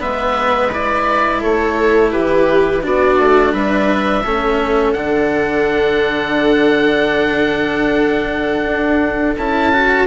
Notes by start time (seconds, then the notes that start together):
0.00 G#3 B3 B4 E5
0.72 E4 D5
1.41 A3 A4 C#5
2.12 E3 G4 B4
2.81 B3 D4 F#4 D5
3.19 A3
3.53 G3 B4 E5
4.24 A3 C#4 A4
4.93 D3 D4 F#5
8.66 D4
9.38 C#4 E4 A5
9.73 F#4